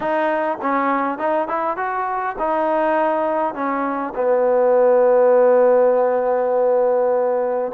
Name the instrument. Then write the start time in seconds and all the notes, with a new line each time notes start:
trombone
0.00 D#4
0.61 C#4
1.18 D#4
1.47 E4
1.76 F#4
2.38 D#4
3.54 C#4
4.15 B3